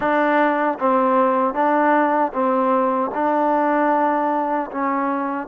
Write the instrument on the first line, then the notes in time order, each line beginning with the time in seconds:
trombone
0.00 D4
0.79 C4
1.54 D4
2.33 C4
3.14 D4
4.71 C#4